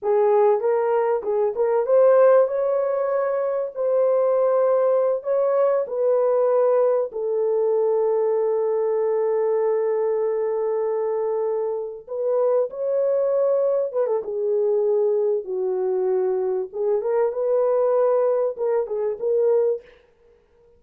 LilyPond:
\new Staff \with { instrumentName = "horn" } { \time 4/4 \tempo 4 = 97 gis'4 ais'4 gis'8 ais'8 c''4 | cis''2 c''2~ | c''8 cis''4 b'2 a'8~ | a'1~ |
a'2.~ a'8 b'8~ | b'8 cis''2 b'16 a'16 gis'4~ | gis'4 fis'2 gis'8 ais'8 | b'2 ais'8 gis'8 ais'4 | }